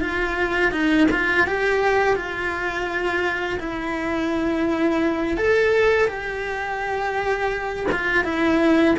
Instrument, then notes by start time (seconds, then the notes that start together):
cello
0.00 F4
0.71 D#4
1.11 F4
1.47 G4
2.16 F4
3.59 E4
5.37 A4
6.07 G4
7.92 F4
8.24 E4